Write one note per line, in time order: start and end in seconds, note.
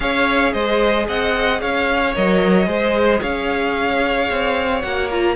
0.00 0.54 C#4
0.00 2.12 G#4
0.00 0.52 C#5
0.00 0.53 F5
0.52 1.07 G#3
0.52 1.06 C5
0.52 1.06 D#5
1.08 1.62 C4
1.08 1.61 D#5
1.08 1.60 F#5
1.60 2.16 C#4
1.60 2.67 C#5
1.60 2.14 F5
2.15 2.66 F#3
2.15 2.65 A#4
2.15 3.22 D#5
2.65 3.20 G#3
2.65 4.80 G#4
2.65 3.20 C5
3.20 4.29 C#4
3.20 5.34 C#5
3.20 4.81 F5
4.30 4.83 C4
4.81 5.35 A#3
4.81 5.09 F#4
4.81 5.08 F#5
5.10 5.35 F4
5.10 5.35 A#5